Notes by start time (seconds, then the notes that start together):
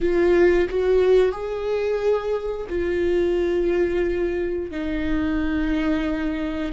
0.00 F4
0.69 F#4
1.31 G#4
2.69 F4
4.71 D#4